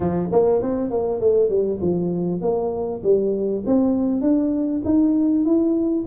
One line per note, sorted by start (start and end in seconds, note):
0.00 0.29 F3
0.31 0.61 A#3
0.61 0.90 C4
0.90 1.20 A#3
1.20 1.49 A3
1.49 1.79 G3
1.81 2.41 F3
2.41 3.01 A#3
3.03 3.63 G3
3.66 4.21 C4
4.21 4.82 D4
4.84 5.45 D#4
5.45 6.05 E4